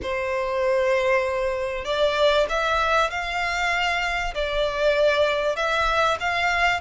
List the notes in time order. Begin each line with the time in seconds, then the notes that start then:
0.02 C5
1.84 D5
2.49 E5
3.10 F5
4.34 D5
5.56 E5
6.20 F5